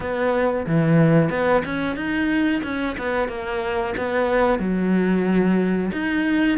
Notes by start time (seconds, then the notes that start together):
0.00 B3
0.66 E3
1.29 B3
1.65 C#4
1.96 D#4
2.63 C#4
2.98 B3
3.28 A#3
3.97 B3
4.59 F#3
5.92 D#4